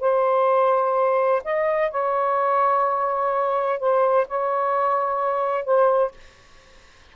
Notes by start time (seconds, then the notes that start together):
0.00 C5
1.44 D#5
1.91 C#5
3.79 C5
4.28 C#5
5.64 C5